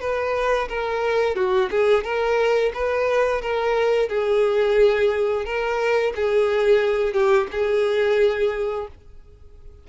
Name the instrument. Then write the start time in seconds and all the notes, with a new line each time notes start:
violin
0.00 B4
0.69 A#4
1.35 F#4
1.71 G#4
2.04 A#4
2.74 B4
3.42 A#4
4.09 G#4
5.45 A#4
6.15 G#4
7.13 G4
7.51 G#4